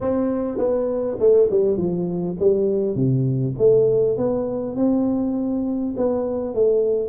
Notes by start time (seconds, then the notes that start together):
0.00 C4
0.58 B3
1.19 A3
1.50 G3
1.77 F3
2.39 G3
2.95 C3
3.58 A3
4.17 B3
4.76 C4
5.96 B3
6.54 A3